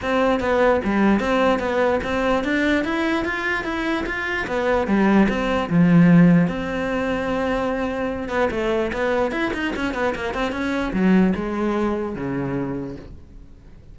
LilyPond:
\new Staff \with { instrumentName = "cello" } { \time 4/4 \tempo 4 = 148 c'4 b4 g4 c'4 | b4 c'4 d'4 e'4 | f'4 e'4 f'4 b4 | g4 c'4 f2 |
c'1~ | c'8 b8 a4 b4 e'8 dis'8 | cis'8 b8 ais8 c'8 cis'4 fis4 | gis2 cis2 | }